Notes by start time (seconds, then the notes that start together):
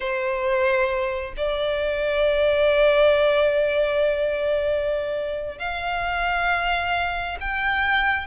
0.00 C5
1.36 D5
5.58 F5
7.40 G5